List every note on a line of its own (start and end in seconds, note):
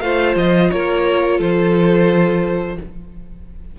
0.00 0.36 A3
0.00 2.79 F4
0.00 0.71 C5
0.00 0.34 F5
0.36 0.70 F3
0.36 0.71 D#5
0.71 1.39 A#3
0.71 1.38 A#4
0.71 1.40 C#5
1.38 2.77 F3
1.38 2.76 A4
1.38 2.79 C5